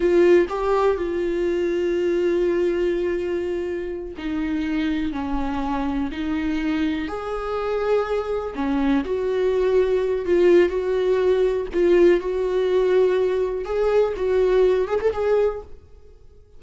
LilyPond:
\new Staff \with { instrumentName = "viola" } { \time 4/4 \tempo 4 = 123 f'4 g'4 f'2~ | f'1~ | f'8 dis'2 cis'4.~ | cis'8 dis'2 gis'4.~ |
gis'4. cis'4 fis'4.~ | fis'4 f'4 fis'2 | f'4 fis'2. | gis'4 fis'4. gis'16 a'16 gis'4 | }